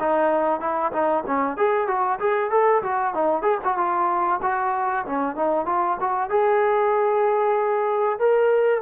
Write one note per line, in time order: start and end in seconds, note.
0.00 0.60 D#4
0.60 0.92 E4
0.92 1.24 D#4
1.27 1.57 C#4
1.57 1.87 G#4
1.87 2.19 F#4
2.20 2.51 G#4
2.51 2.82 A4
2.83 3.14 F#4
3.14 3.42 D#4
3.42 3.58 G#4
3.64 3.77 F#4
3.77 4.40 F4
4.42 5.05 F#4
5.06 5.36 C#4
5.36 5.66 D#4
5.66 5.97 F4
6.00 6.30 F#4
6.30 8.19 G#4
8.19 8.82 A#4